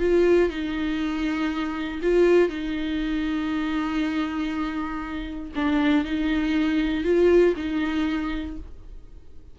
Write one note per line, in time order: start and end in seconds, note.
0.00 0.50 F4
0.50 2.01 D#4
2.02 2.50 F4
2.50 5.52 D#4
5.56 6.05 D4
6.05 7.04 D#4
7.04 7.55 F4
7.57 8.57 D#4